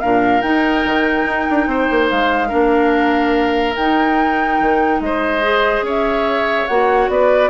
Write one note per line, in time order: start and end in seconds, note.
0.00 0.43 A#2
0.00 0.42 D4
0.00 1.68 A#4
0.00 0.41 F5
0.41 2.49 D#4
0.41 0.84 D#4
0.41 2.08 G5
0.85 1.25 D#3
1.25 1.46 D#4
1.50 1.66 D4
1.66 1.87 C4
1.66 2.48 C5
1.90 2.11 A#3
2.10 2.52 G#3
2.10 3.76 F5
2.48 3.76 A#3
2.48 3.74 D4
2.48 4.98 A#4
3.76 4.59 D#4
3.76 5.42 D#4
3.76 5.00 G5
4.59 5.00 D#3
5.00 5.81 G#3
5.00 5.85 C5
5.00 5.84 D#5
5.42 6.67 G#4
5.81 6.65 C#4
5.81 7.10 C#5
5.88 6.67 E5
6.67 7.08 A#3
6.67 7.50 F#4
6.67 7.09 F#5
7.08 7.50 B3
7.08 7.50 B4
7.08 7.50 D5